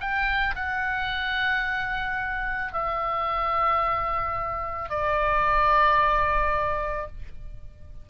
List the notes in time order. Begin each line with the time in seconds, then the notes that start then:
0.00 G5
0.55 F#5
2.73 E5
4.89 D5